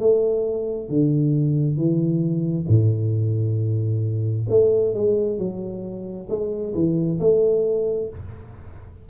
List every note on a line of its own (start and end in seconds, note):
0.00 0.89 A3
0.89 1.77 D3
1.77 2.67 E3
2.68 4.47 A2
4.49 4.94 A3
4.94 5.39 G#3
5.39 6.28 F#3
6.29 6.74 G#3
6.74 7.19 E3
7.20 8.10 A3